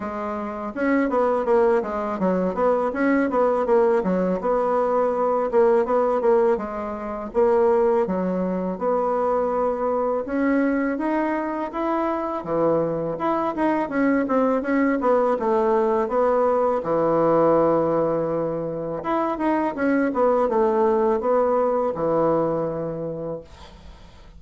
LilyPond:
\new Staff \with { instrumentName = "bassoon" } { \time 4/4 \tempo 4 = 82 gis4 cis'8 b8 ais8 gis8 fis8 b8 | cis'8 b8 ais8 fis8 b4. ais8 | b8 ais8 gis4 ais4 fis4 | b2 cis'4 dis'4 |
e'4 e4 e'8 dis'8 cis'8 c'8 | cis'8 b8 a4 b4 e4~ | e2 e'8 dis'8 cis'8 b8 | a4 b4 e2 | }